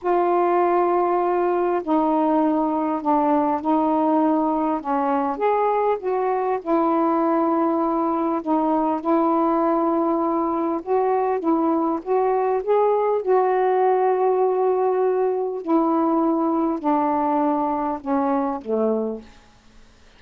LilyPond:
\new Staff \with { instrumentName = "saxophone" } { \time 4/4 \tempo 4 = 100 f'2. dis'4~ | dis'4 d'4 dis'2 | cis'4 gis'4 fis'4 e'4~ | e'2 dis'4 e'4~ |
e'2 fis'4 e'4 | fis'4 gis'4 fis'2~ | fis'2 e'2 | d'2 cis'4 a4 | }